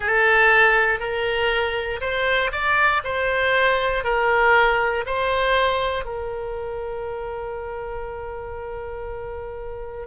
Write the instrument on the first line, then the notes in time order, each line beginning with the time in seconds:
oboe
0.00 A4
0.99 A#4
2.00 C5
2.52 D5
3.04 C5
4.04 A#4
5.06 C5
6.04 A#4